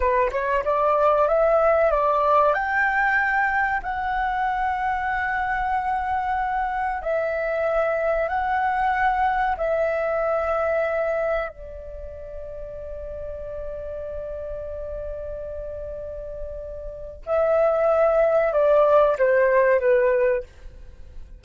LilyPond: \new Staff \with { instrumentName = "flute" } { \time 4/4 \tempo 4 = 94 b'8 cis''8 d''4 e''4 d''4 | g''2 fis''2~ | fis''2. e''4~ | e''4 fis''2 e''4~ |
e''2 d''2~ | d''1~ | d''2. e''4~ | e''4 d''4 c''4 b'4 | }